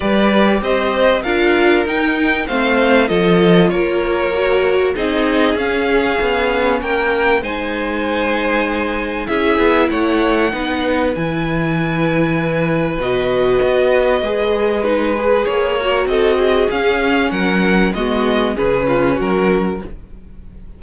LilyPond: <<
  \new Staff \with { instrumentName = "violin" } { \time 4/4 \tempo 4 = 97 d''4 dis''4 f''4 g''4 | f''4 dis''4 cis''2 | dis''4 f''2 g''4 | gis''2. e''4 |
fis''2 gis''2~ | gis''4 dis''2. | b'4 cis''4 dis''4 f''4 | fis''4 dis''4 b'4 ais'4 | }
  \new Staff \with { instrumentName = "violin" } { \time 4/4 b'4 c''4 ais'2 | c''4 a'4 ais'2 | gis'2. ais'4 | c''2. gis'4 |
cis''4 b'2.~ | b'1~ | b'4. ais'8 a'8 gis'4. | ais'4 fis'4 gis'8 f'8 fis'4 | }
  \new Staff \with { instrumentName = "viola" } { \time 4/4 g'2 f'4 dis'4 | c'4 f'2 fis'4 | dis'4 cis'2. | dis'2. e'4~ |
e'4 dis'4 e'2~ | e'4 fis'2 gis'4 | dis'8 gis'4 fis'4. cis'4~ | cis'4 b4 cis'2 | }
  \new Staff \with { instrumentName = "cello" } { \time 4/4 g4 c'4 d'4 dis'4 | a4 f4 ais2 | c'4 cis'4 b4 ais4 | gis2. cis'8 b8 |
a4 b4 e2~ | e4 b,4 b4 gis4~ | gis4 ais4 c'4 cis'4 | fis4 gis4 cis4 fis4 | }
>>